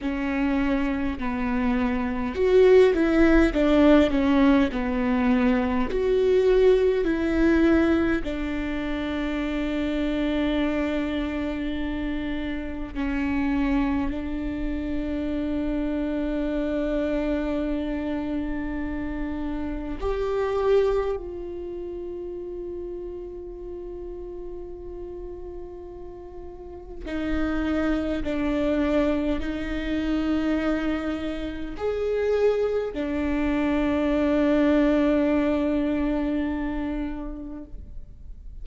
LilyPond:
\new Staff \with { instrumentName = "viola" } { \time 4/4 \tempo 4 = 51 cis'4 b4 fis'8 e'8 d'8 cis'8 | b4 fis'4 e'4 d'4~ | d'2. cis'4 | d'1~ |
d'4 g'4 f'2~ | f'2. dis'4 | d'4 dis'2 gis'4 | d'1 | }